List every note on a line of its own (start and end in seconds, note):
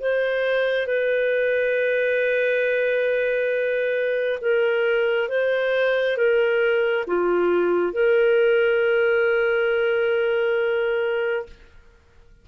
0.00 0.87 C5
0.87 4.40 B4
4.41 5.29 A#4
5.29 6.17 C5
6.17 7.05 A#4
7.07 7.93 F4
7.93 11.46 A#4